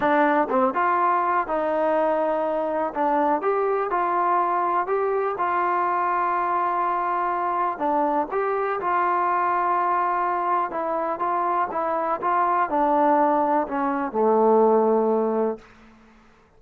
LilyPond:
\new Staff \with { instrumentName = "trombone" } { \time 4/4 \tempo 4 = 123 d'4 c'8 f'4. dis'4~ | dis'2 d'4 g'4 | f'2 g'4 f'4~ | f'1 |
d'4 g'4 f'2~ | f'2 e'4 f'4 | e'4 f'4 d'2 | cis'4 a2. | }